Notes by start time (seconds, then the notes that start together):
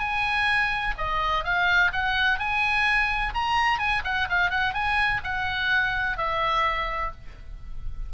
0.00 G#5
0.98 D#5
1.45 F5
1.93 F#5
2.39 G#5
3.35 A#5
3.79 G#5
4.05 F#5
4.30 F5
4.51 F#5
4.74 G#5
5.24 F#5
6.18 E5